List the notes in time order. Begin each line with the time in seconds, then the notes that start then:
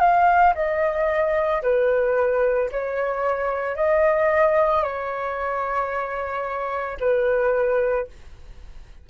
0.00 F5
0.55 D#5
1.63 B4
2.72 C#5
3.76 D#5
4.84 C#5
7.00 B4